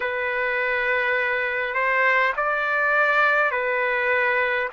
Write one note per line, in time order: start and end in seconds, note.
0.00 1.74 B4
1.74 2.33 C5
2.36 3.51 D5
3.51 4.68 B4